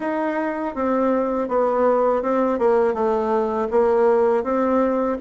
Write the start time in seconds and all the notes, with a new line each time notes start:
0.00 D#4
0.74 C4
1.48 B3
2.22 C4
2.58 A#3
2.94 A3
3.70 A#3
4.43 C4